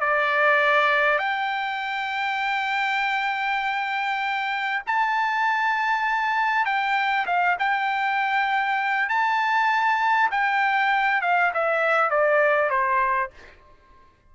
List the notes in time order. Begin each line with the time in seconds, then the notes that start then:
0.00 D5
1.18 G5
4.87 A5
6.65 G5
7.26 F5
7.59 G5
9.09 A5
10.31 G5
11.21 F5
11.53 E5
12.10 D5
12.69 C5